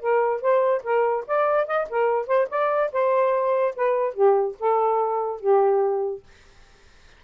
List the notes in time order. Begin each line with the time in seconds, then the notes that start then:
0.00 A#4
0.41 C5
0.84 A#4
1.27 D5
1.67 D#5
1.90 A#4
2.27 C5
2.50 D5
2.92 C5
3.76 B4
4.14 G4
4.59 A4
5.40 G4